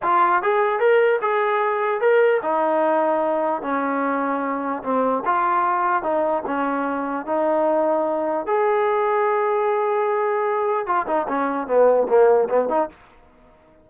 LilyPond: \new Staff \with { instrumentName = "trombone" } { \time 4/4 \tempo 4 = 149 f'4 gis'4 ais'4 gis'4~ | gis'4 ais'4 dis'2~ | dis'4 cis'2. | c'4 f'2 dis'4 |
cis'2 dis'2~ | dis'4 gis'2.~ | gis'2. f'8 dis'8 | cis'4 b4 ais4 b8 dis'8 | }